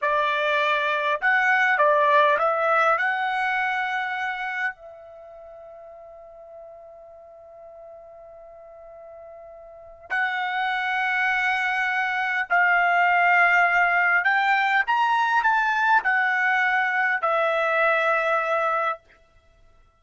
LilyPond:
\new Staff \with { instrumentName = "trumpet" } { \time 4/4 \tempo 4 = 101 d''2 fis''4 d''4 | e''4 fis''2. | e''1~ | e''1~ |
e''4 fis''2.~ | fis''4 f''2. | g''4 ais''4 a''4 fis''4~ | fis''4 e''2. | }